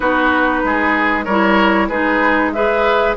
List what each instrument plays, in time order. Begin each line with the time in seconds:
0.00 bassoon B3, clarinet D#4, oboe F#4, flute B4
0.63 bassoon G#3, oboe G#4
1.24 bassoon G3, clarinet E4, oboe A#4, flute C#5
1.88 bassoon G#3, clarinet D#4, oboe G#4, flute B4
2.52 clarinet G#4, oboe B4, flute E5